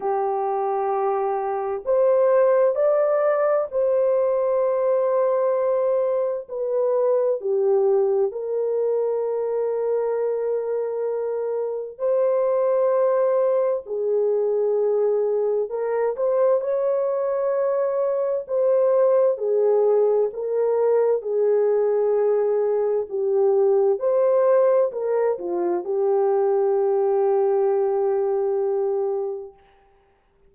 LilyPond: \new Staff \with { instrumentName = "horn" } { \time 4/4 \tempo 4 = 65 g'2 c''4 d''4 | c''2. b'4 | g'4 ais'2.~ | ais'4 c''2 gis'4~ |
gis'4 ais'8 c''8 cis''2 | c''4 gis'4 ais'4 gis'4~ | gis'4 g'4 c''4 ais'8 f'8 | g'1 | }